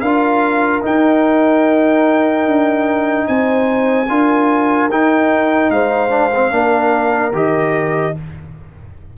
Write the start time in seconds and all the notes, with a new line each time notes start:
0.00 D4 F4 A#4 F5
0.82 D#4 G5
2.46 D4
3.28 C4 C5 G#5
4.09 D4 F4 A#4
4.89 D#4 G5
5.70 G#3 C5 F5
6.10 D4
6.35 C4
6.51 A#3 D4 A#4
7.33 D#3 G4 D#5